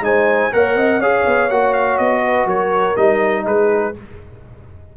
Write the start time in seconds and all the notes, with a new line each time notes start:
0.00 G#3 D#4 C5 G#5
0.52 A#3 A#4 C#5 F#5
0.75 C4 D#5
0.98 C#4 G#4 C#5 F5
1.26 B3
1.49 A#3 F#4 F#5
1.73 F5
1.98 B3 D#5
2.25 B4
2.45 F#3 A#4 C#5
2.96 G3 D#4 D#5
3.45 G#3 G#4 B4